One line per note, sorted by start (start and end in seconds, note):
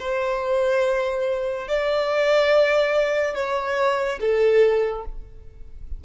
0.00 1.68 C5
1.68 3.35 D5
3.35 4.19 C#5
4.20 5.05 A4